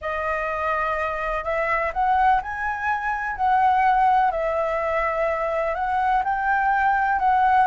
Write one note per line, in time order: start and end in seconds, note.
0.01 1.44 D#5
1.44 1.92 E5
1.93 2.41 F#5
2.41 3.36 G#5
3.36 4.31 F#5
4.31 5.74 E5
5.74 6.22 F#5
6.24 7.19 G5
7.19 7.67 F#5